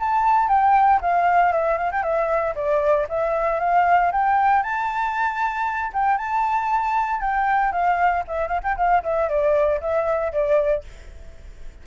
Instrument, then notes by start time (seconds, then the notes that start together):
flute
0.00 A5
0.48 G5
1.02 F5
1.53 E5
1.78 F5
1.92 G5
2.03 E5
2.55 D5
3.09 E5
3.60 F5
4.12 G5
4.63 A5
5.94 G5
6.18 A5
7.21 G5
7.72 F5
8.28 E5
8.48 F5
8.64 G5
8.77 F5
9.03 E5
9.29 D5
9.81 E5
10.33 D5